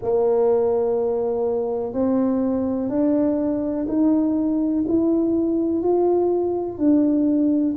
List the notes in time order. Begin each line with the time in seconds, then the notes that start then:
0.01 A#3
1.93 C4
2.89 D4
3.88 D#4
4.87 E4
5.82 F4
6.77 D4